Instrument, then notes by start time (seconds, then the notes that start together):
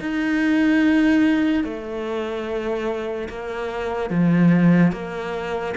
cello
0.00 D#4
1.64 A3
3.29 A#3
4.10 F3
4.92 A#3